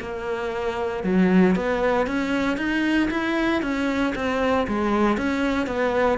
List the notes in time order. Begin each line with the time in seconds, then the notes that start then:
0.00 A#3
1.04 F#3
1.56 B3
2.06 C#4
2.57 D#4
3.10 E4
3.62 C#4
4.15 C4
4.68 G#3
5.17 C#4
5.67 B3